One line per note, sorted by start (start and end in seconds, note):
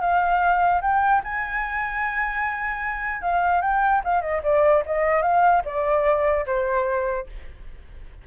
0.00 0.81 F5
0.81 1.21 G5
1.24 3.22 G#5
3.22 3.61 F5
3.61 4.01 G5
4.04 4.21 F5
4.21 4.41 D#5
4.43 4.83 D5
4.85 5.22 D#5
5.22 5.62 F5
5.64 6.45 D5
6.46 7.26 C5